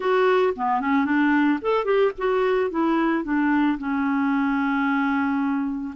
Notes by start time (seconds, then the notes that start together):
0.00 F#4
0.56 B3
0.80 C#4
1.05 D4
1.61 A4
1.84 G4
2.18 F#4
2.70 E4
3.24 D4
3.78 C#4